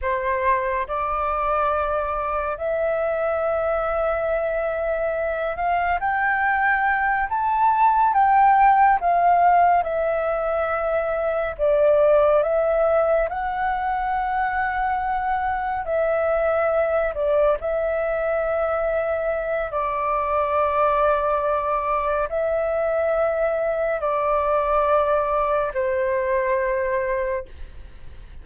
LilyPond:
\new Staff \with { instrumentName = "flute" } { \time 4/4 \tempo 4 = 70 c''4 d''2 e''4~ | e''2~ e''8 f''8 g''4~ | g''8 a''4 g''4 f''4 e''8~ | e''4. d''4 e''4 fis''8~ |
fis''2~ fis''8 e''4. | d''8 e''2~ e''8 d''4~ | d''2 e''2 | d''2 c''2 | }